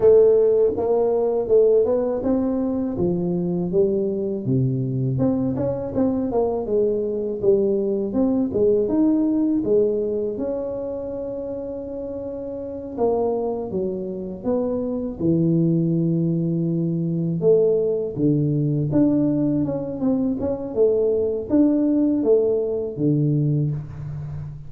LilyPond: \new Staff \with { instrumentName = "tuba" } { \time 4/4 \tempo 4 = 81 a4 ais4 a8 b8 c'4 | f4 g4 c4 c'8 cis'8 | c'8 ais8 gis4 g4 c'8 gis8 | dis'4 gis4 cis'2~ |
cis'4. ais4 fis4 b8~ | b8 e2. a8~ | a8 d4 d'4 cis'8 c'8 cis'8 | a4 d'4 a4 d4 | }